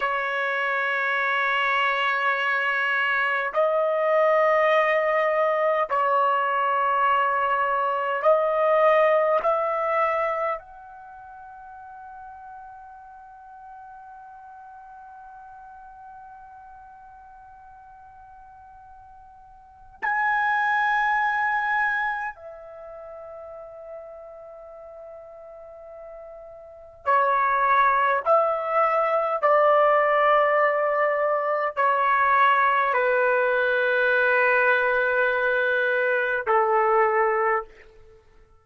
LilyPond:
\new Staff \with { instrumentName = "trumpet" } { \time 4/4 \tempo 4 = 51 cis''2. dis''4~ | dis''4 cis''2 dis''4 | e''4 fis''2.~ | fis''1~ |
fis''4 gis''2 e''4~ | e''2. cis''4 | e''4 d''2 cis''4 | b'2. a'4 | }